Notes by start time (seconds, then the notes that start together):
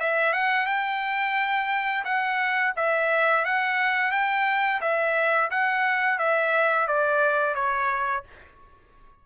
0.00 E5
0.33 F#5
0.66 G5
2.05 F#5
2.76 E5
3.45 F#5
4.12 G5
4.82 E5
5.51 F#5
6.19 E5
6.88 D5
7.55 C#5